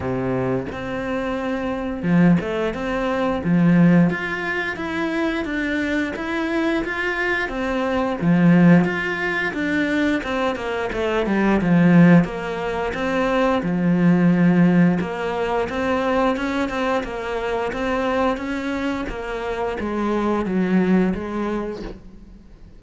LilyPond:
\new Staff \with { instrumentName = "cello" } { \time 4/4 \tempo 4 = 88 c4 c'2 f8 a8 | c'4 f4 f'4 e'4 | d'4 e'4 f'4 c'4 | f4 f'4 d'4 c'8 ais8 |
a8 g8 f4 ais4 c'4 | f2 ais4 c'4 | cis'8 c'8 ais4 c'4 cis'4 | ais4 gis4 fis4 gis4 | }